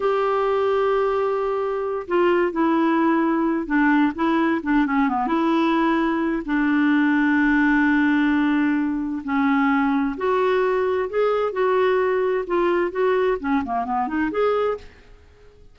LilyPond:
\new Staff \with { instrumentName = "clarinet" } { \time 4/4 \tempo 4 = 130 g'1~ | g'8 f'4 e'2~ e'8 | d'4 e'4 d'8 cis'8 b8 e'8~ | e'2 d'2~ |
d'1 | cis'2 fis'2 | gis'4 fis'2 f'4 | fis'4 cis'8 ais8 b8 dis'8 gis'4 | }